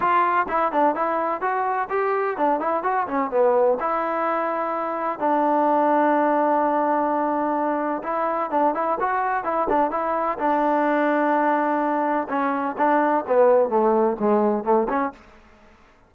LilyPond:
\new Staff \with { instrumentName = "trombone" } { \time 4/4 \tempo 4 = 127 f'4 e'8 d'8 e'4 fis'4 | g'4 d'8 e'8 fis'8 cis'8 b4 | e'2. d'4~ | d'1~ |
d'4 e'4 d'8 e'8 fis'4 | e'8 d'8 e'4 d'2~ | d'2 cis'4 d'4 | b4 a4 gis4 a8 cis'8 | }